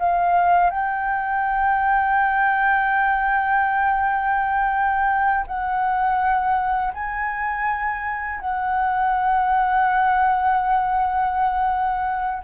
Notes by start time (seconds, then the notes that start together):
0.00 F5
0.71 G5
5.47 F#5
6.94 G#5
8.40 F#5